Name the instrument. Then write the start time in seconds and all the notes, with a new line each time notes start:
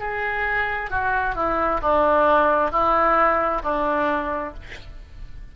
oboe
0.00 G#4
0.91 F#4
1.36 E4
1.82 D4
2.72 E4
3.64 D4